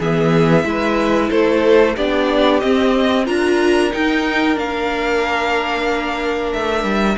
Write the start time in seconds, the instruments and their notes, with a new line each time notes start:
0.00 cello E3, viola B3, violin G#4 E5
0.64 cello G#3, viola E4, violin B4
1.30 cello A3, violin A4 C5
1.96 cello B3, viola D4, violin G4 D5
2.60 viola C4, cello C4, violin D#5
3.25 cello D4, viola F4, violin A#4 A#5
3.91 viola D#4, cello D#4, violin G5
4.55 cello A#3, viola D4, violin F5
6.53 cello A3, violin E5
6.84 cello G3